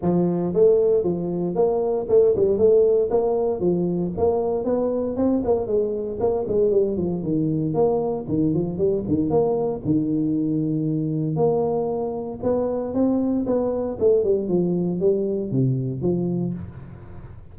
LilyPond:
\new Staff \with { instrumentName = "tuba" } { \time 4/4 \tempo 4 = 116 f4 a4 f4 ais4 | a8 g8 a4 ais4 f4 | ais4 b4 c'8 ais8 gis4 | ais8 gis8 g8 f8 dis4 ais4 |
dis8 f8 g8 dis8 ais4 dis4~ | dis2 ais2 | b4 c'4 b4 a8 g8 | f4 g4 c4 f4 | }